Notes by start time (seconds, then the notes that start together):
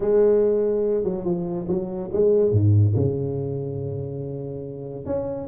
0.00 G#3
1.04 F#3
1.24 F3
1.68 F#3
2.12 G#3
2.51 G#2
2.95 C#3
5.05 C#4